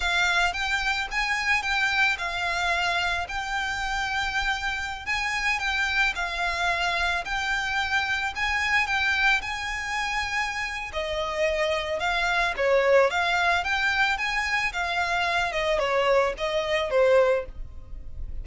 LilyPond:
\new Staff \with { instrumentName = "violin" } { \time 4/4 \tempo 4 = 110 f''4 g''4 gis''4 g''4 | f''2 g''2~ | g''4~ g''16 gis''4 g''4 f''8.~ | f''4~ f''16 g''2 gis''8.~ |
gis''16 g''4 gis''2~ gis''8. | dis''2 f''4 cis''4 | f''4 g''4 gis''4 f''4~ | f''8 dis''8 cis''4 dis''4 c''4 | }